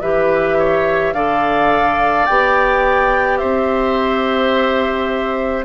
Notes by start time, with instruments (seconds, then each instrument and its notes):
0.00 bassoon E3, clarinet G4, oboe B4, flute E5
0.58 oboe C#5
1.13 bassoon D3, clarinet A4, oboe D5, flute F5
2.25 bassoon B3, clarinet G4, flute G5
3.37 bassoon C4, oboe C5, flute E5